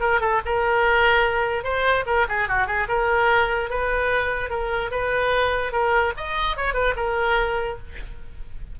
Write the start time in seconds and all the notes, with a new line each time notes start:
0.00 A#4
0.20 A4
0.45 A#4
1.64 C5
2.06 A#4
2.28 G#4
2.48 F#4
2.67 G#4
2.88 A#4
3.69 B4
4.50 A#4
4.91 B4
5.72 A#4
6.17 D#5
6.56 C#5
6.73 B4
6.96 A#4